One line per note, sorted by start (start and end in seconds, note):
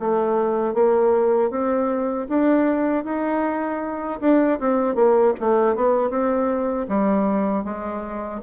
0.00 0.74 A3
0.74 1.51 A#3
1.51 2.28 C4
2.29 3.05 D4
3.05 4.20 D#4
4.21 4.59 D4
4.60 4.95 C4
4.95 5.34 A#3
5.40 5.76 A3
5.76 6.10 B3
6.10 6.87 C4
6.88 7.65 G3
7.65 8.42 G#3